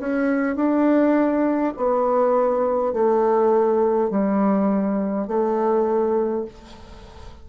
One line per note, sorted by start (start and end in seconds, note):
0.00 0.56 C#4
0.56 1.74 D4
1.77 2.94 B3
2.94 4.11 A3
4.11 5.28 G3
5.28 6.45 A3